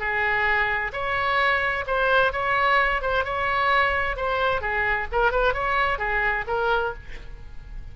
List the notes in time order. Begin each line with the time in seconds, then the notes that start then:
0.00 G#4
0.93 C#5
1.87 C5
2.33 C#5
3.02 C5
3.25 C#5
4.17 C5
4.62 G#4
5.13 A#4
5.32 B4
5.54 C#5
5.99 G#4
6.48 A#4